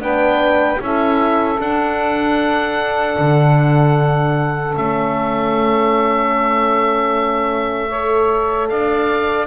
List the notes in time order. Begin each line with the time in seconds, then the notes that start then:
0.00 B3 D4 B4 G5
0.80 C#4 E4 A4 E5
1.60 D4 F#5
3.19 D3
4.74 A3 C#4 E5
7.90 A4 C#5
8.69 D4 D5 F5